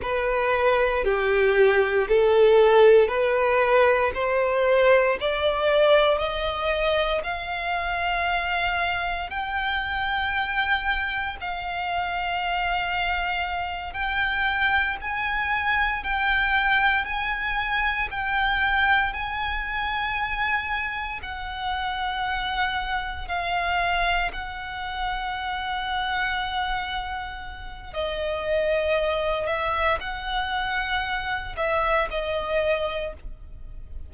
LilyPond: \new Staff \with { instrumentName = "violin" } { \time 4/4 \tempo 4 = 58 b'4 g'4 a'4 b'4 | c''4 d''4 dis''4 f''4~ | f''4 g''2 f''4~ | f''4. g''4 gis''4 g''8~ |
g''8 gis''4 g''4 gis''4.~ | gis''8 fis''2 f''4 fis''8~ | fis''2. dis''4~ | dis''8 e''8 fis''4. e''8 dis''4 | }